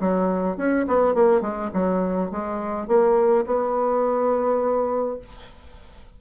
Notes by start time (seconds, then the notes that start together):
0.00 F#3
0.57 C#4
0.88 B3
1.14 A#3
1.41 G#3
1.74 F#3
2.31 G#3
2.88 A#3
3.46 B3